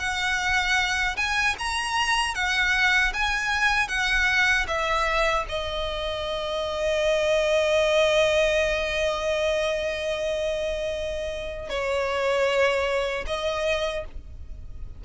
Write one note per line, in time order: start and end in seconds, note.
0.00 1.17 F#5
1.17 1.56 G#5
1.59 2.35 A#5
2.35 3.13 F#5
3.14 3.89 G#5
3.89 4.66 F#5
4.68 5.46 E5
5.49 11.70 D#5
11.70 13.25 C#5
13.27 14.05 D#5